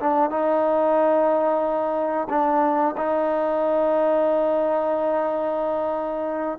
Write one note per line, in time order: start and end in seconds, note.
0.00 0.30 D4
0.30 2.28 D#4
2.30 2.96 D4
2.97 6.59 D#4